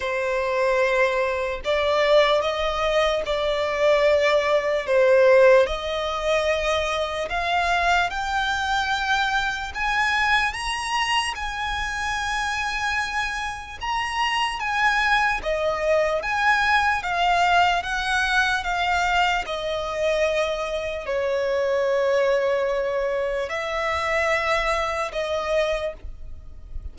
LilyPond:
\new Staff \with { instrumentName = "violin" } { \time 4/4 \tempo 4 = 74 c''2 d''4 dis''4 | d''2 c''4 dis''4~ | dis''4 f''4 g''2 | gis''4 ais''4 gis''2~ |
gis''4 ais''4 gis''4 dis''4 | gis''4 f''4 fis''4 f''4 | dis''2 cis''2~ | cis''4 e''2 dis''4 | }